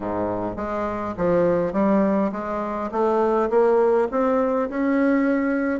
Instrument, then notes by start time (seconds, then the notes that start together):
bassoon
0.00 G#2
0.56 G#3
1.17 F3
1.73 G3
2.31 G#3
2.91 A3
3.50 A#3
4.11 C4
4.69 C#4